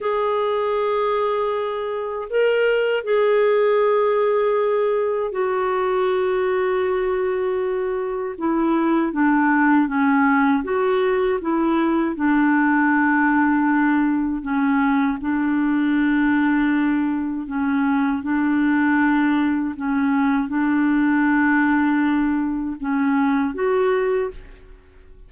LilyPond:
\new Staff \with { instrumentName = "clarinet" } { \time 4/4 \tempo 4 = 79 gis'2. ais'4 | gis'2. fis'4~ | fis'2. e'4 | d'4 cis'4 fis'4 e'4 |
d'2. cis'4 | d'2. cis'4 | d'2 cis'4 d'4~ | d'2 cis'4 fis'4 | }